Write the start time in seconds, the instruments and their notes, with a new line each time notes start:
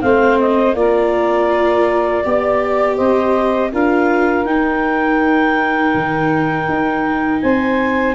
0.00 tuba A3, viola C4, saxophone C5, clarinet F5
0.39 clarinet D#5
0.74 tuba A#3, viola F4, saxophone A#4, clarinet D5
2.23 tuba B3, viola G4, saxophone D5
2.96 tuba C4, saxophone C5, clarinet D#5
3.72 tuba D4, viola F4, saxophone A#4, clarinet F5
4.45 tuba D#4, viola D#4, clarinet G5
5.94 tuba D#3
6.69 tuba D#4
7.41 tuba C4, saxophone C5, clarinet G#5